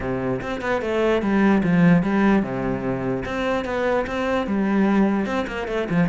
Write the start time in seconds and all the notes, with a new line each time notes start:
0.00 C3
0.41 C4
0.61 B3
0.81 A3
1.22 G3
1.63 F3
2.02 G3
2.42 C3
3.25 C4
3.64 B3
4.06 C4
4.46 G3
5.26 C4
5.47 A#3
5.67 A3
5.89 F3